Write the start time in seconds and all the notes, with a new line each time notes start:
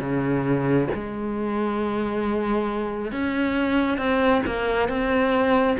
0.00 C#3
0.94 G#3
3.12 C#4
3.98 C4
4.46 A#3
4.89 C4